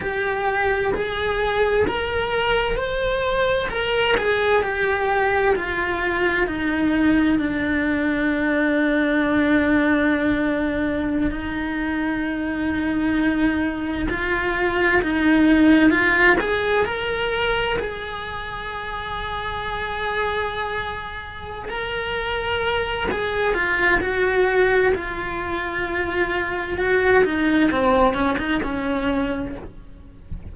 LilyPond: \new Staff \with { instrumentName = "cello" } { \time 4/4 \tempo 4 = 65 g'4 gis'4 ais'4 c''4 | ais'8 gis'8 g'4 f'4 dis'4 | d'1~ | d'16 dis'2. f'8.~ |
f'16 dis'4 f'8 gis'8 ais'4 gis'8.~ | gis'2.~ gis'8 ais'8~ | ais'4 gis'8 f'8 fis'4 f'4~ | f'4 fis'8 dis'8 c'8 cis'16 dis'16 cis'4 | }